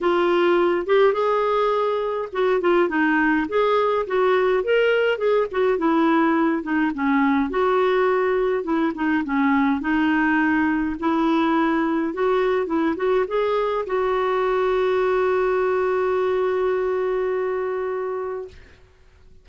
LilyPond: \new Staff \with { instrumentName = "clarinet" } { \time 4/4 \tempo 4 = 104 f'4. g'8 gis'2 | fis'8 f'8 dis'4 gis'4 fis'4 | ais'4 gis'8 fis'8 e'4. dis'8 | cis'4 fis'2 e'8 dis'8 |
cis'4 dis'2 e'4~ | e'4 fis'4 e'8 fis'8 gis'4 | fis'1~ | fis'1 | }